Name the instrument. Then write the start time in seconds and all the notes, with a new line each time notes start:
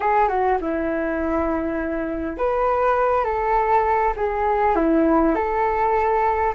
flute
0.00 G#4
0.28 F#4
0.60 E4
2.37 B4
3.24 A4
4.16 G#4
4.75 E4
5.35 A4